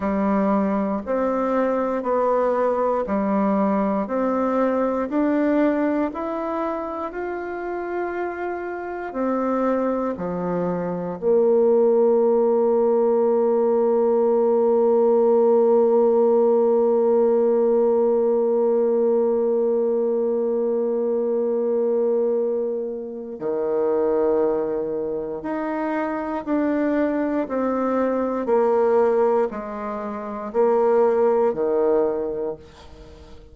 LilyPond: \new Staff \with { instrumentName = "bassoon" } { \time 4/4 \tempo 4 = 59 g4 c'4 b4 g4 | c'4 d'4 e'4 f'4~ | f'4 c'4 f4 ais4~ | ais1~ |
ais1~ | ais2. dis4~ | dis4 dis'4 d'4 c'4 | ais4 gis4 ais4 dis4 | }